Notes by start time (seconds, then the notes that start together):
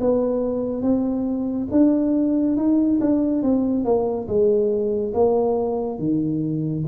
0.00 B3
0.82 C4
1.71 D4
2.56 D#4
3.00 D4
3.42 C4
3.85 A#3
4.28 G#3
5.14 A#3
5.98 D#3